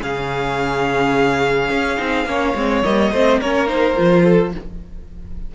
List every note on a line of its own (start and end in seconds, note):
0.00 1.70 C#3
0.00 1.97 C#4
0.00 2.28 G#4
0.00 2.84 F5
1.70 1.98 C#4
1.97 2.25 C4
1.97 2.25 D#4
2.25 2.54 A#3
2.25 2.55 C#4
2.25 3.12 C#5
2.55 2.83 G#3
2.55 2.84 C4
2.84 3.12 G3
2.84 3.12 A#3
2.84 3.40 D#5
3.12 3.40 A3
3.12 3.43 C4
3.12 3.40 C5
3.40 3.98 A#3
3.40 3.67 C#4
3.40 4.23 A#4
3.40 3.68 C#5
3.67 3.95 D#4
3.67 4.53 C5
3.95 4.55 F3
3.95 4.52 F4
4.23 4.51 A4